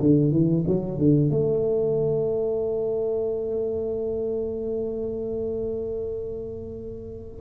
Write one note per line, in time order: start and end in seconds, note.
0.00 0.31 D3
0.31 0.64 E3
0.67 0.98 F#3
0.98 1.31 D3
1.31 7.41 A3